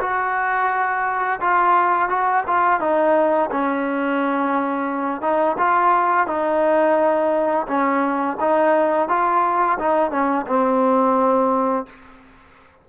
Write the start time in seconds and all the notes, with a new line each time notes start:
0.00 F#4
1.40 F4
2.09 F#4
2.47 F4
2.80 D#4
3.51 C#4
5.21 D#4
5.58 F4
6.27 D#4
7.67 C#4
8.40 D#4
9.09 F4
9.79 D#4
10.11 C#4
10.47 C4